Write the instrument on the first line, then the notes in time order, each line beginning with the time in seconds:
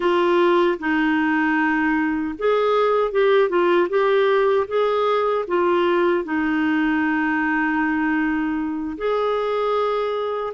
clarinet
0.00 F4
0.79 D#4
2.38 G#4
3.11 G4
3.49 F4
3.89 G4
4.67 G#4
5.47 F4
6.24 D#4
8.97 G#4